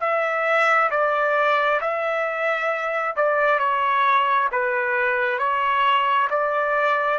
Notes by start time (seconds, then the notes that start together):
0.00 E5
0.90 D5
1.81 E5
3.16 D5
3.59 C#5
4.51 B4
5.39 C#5
6.30 D5